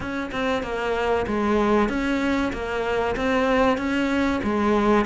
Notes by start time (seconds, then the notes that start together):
0.00 C#4
0.31 C4
0.62 A#3
1.27 G#3
1.88 C#4
2.52 A#3
3.16 C4
3.77 C#4
4.43 G#3